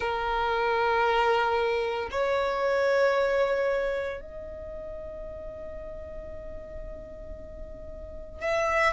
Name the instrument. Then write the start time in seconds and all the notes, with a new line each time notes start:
violin
0.00 A#4
2.11 C#5
4.21 D#5
8.40 E5